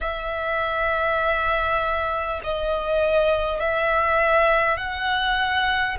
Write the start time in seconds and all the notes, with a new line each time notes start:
0.00 E5
2.43 D#5
3.59 E5
4.77 F#5